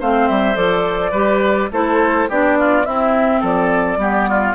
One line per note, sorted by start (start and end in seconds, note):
0.00 0.29 A3
0.00 0.55 C4
0.00 1.11 C5
0.00 0.28 F5
0.28 0.56 G3
0.28 0.56 E5
0.55 1.12 F3
0.55 1.12 A4
0.55 1.70 D5
1.11 1.69 G3
1.11 1.71 G4
1.11 1.68 B4
1.71 2.28 A3
1.71 2.29 E4
1.71 2.29 A4
1.71 2.30 C5
2.29 2.86 B3
2.29 2.85 D4
2.29 2.58 G4
2.29 2.85 D5
2.59 2.86 F4
2.85 3.98 C4
2.85 3.43 C4
2.85 3.40 E4
2.85 3.42 E5
3.40 3.97 F3
3.40 3.98 A4
3.40 4.55 D5
3.97 4.54 G3
3.97 4.55 B3
3.97 4.29 G4
4.29 4.55 F4